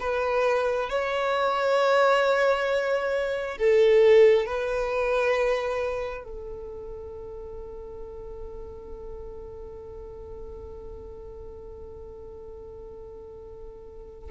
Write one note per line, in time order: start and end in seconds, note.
0.00 0.90 B4
0.90 3.57 C#5
3.57 4.45 A4
4.45 6.24 B4
6.24 14.30 A4